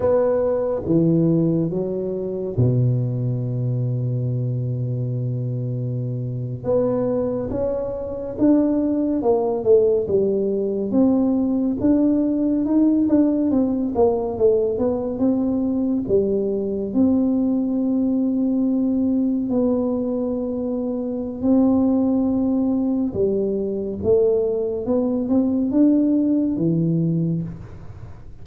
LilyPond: \new Staff \with { instrumentName = "tuba" } { \time 4/4 \tempo 4 = 70 b4 e4 fis4 b,4~ | b,2.~ b,8. b16~ | b8. cis'4 d'4 ais8 a8 g16~ | g8. c'4 d'4 dis'8 d'8 c'16~ |
c'16 ais8 a8 b8 c'4 g4 c'16~ | c'2~ c'8. b4~ b16~ | b4 c'2 g4 | a4 b8 c'8 d'4 e4 | }